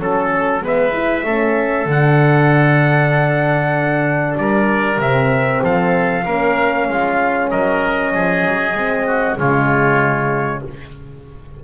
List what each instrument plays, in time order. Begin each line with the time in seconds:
0.00 double bass F#3, horn C#4, oboe A4, trumpet A4
0.62 double bass G#3, horn B3, oboe B4, trumpet E5
0.93 horn E4
1.24 double bass A3, horn C#4, oboe A4
1.86 double bass D3, horn D4, trumpet F#5
4.38 double bass G3, oboe A#4, trumpet D5
4.98 double bass C3, horn C4, trumpet E5
5.64 double bass F3, oboe A4, trumpet F5
6.25 double bass A#3, horn C#4, oboe A#4
6.89 double bass G#3, oboe F4
7.51 double bass F#3, oboe A#4, trumpet D#5
8.14 double bass F3, oboe G#4
8.45 double bass F#3
8.75 double bass G#3, horn C4
9.07 oboe F#4
9.38 double bass C#3, horn G#3, oboe F4, trumpet C#5